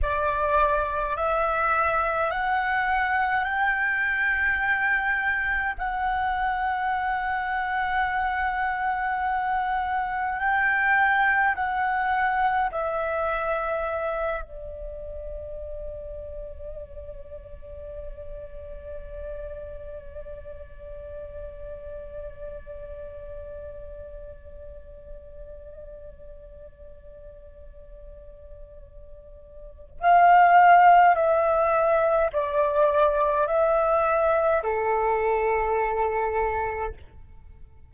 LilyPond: \new Staff \with { instrumentName = "flute" } { \time 4/4 \tempo 4 = 52 d''4 e''4 fis''4 g''4~ | g''4 fis''2.~ | fis''4 g''4 fis''4 e''4~ | e''8 d''2.~ d''8~ |
d''1~ | d''1~ | d''2 f''4 e''4 | d''4 e''4 a'2 | }